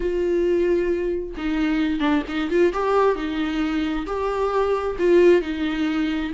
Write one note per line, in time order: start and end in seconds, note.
0.00 1.34 F4
1.37 2.00 D#4
2.00 2.22 D4
2.28 2.50 D#4
2.50 2.73 F4
2.73 3.15 G4
3.15 4.05 D#4
4.06 4.96 G4
4.98 5.41 F4
5.41 6.32 D#4